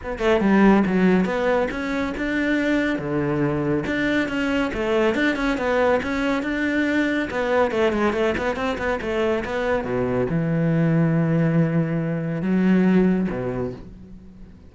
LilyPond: \new Staff \with { instrumentName = "cello" } { \time 4/4 \tempo 4 = 140 b8 a8 g4 fis4 b4 | cis'4 d'2 d4~ | d4 d'4 cis'4 a4 | d'8 cis'8 b4 cis'4 d'4~ |
d'4 b4 a8 gis8 a8 b8 | c'8 b8 a4 b4 b,4 | e1~ | e4 fis2 b,4 | }